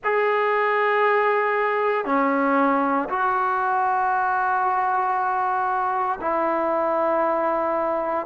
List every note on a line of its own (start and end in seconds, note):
0.03 2.05 G#4
2.05 3.08 C#4
3.08 6.19 F#4
6.21 8.26 E4